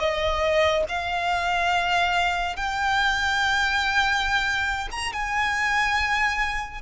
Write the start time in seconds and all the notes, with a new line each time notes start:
0.00 D#5
0.89 F5
2.57 G5
4.92 A#5
5.13 G#5